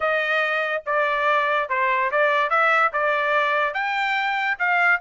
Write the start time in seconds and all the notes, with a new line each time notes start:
0.00 D#5
0.86 D5
1.69 C5
2.11 D5
2.50 E5
2.92 D5
3.74 G5
4.59 F5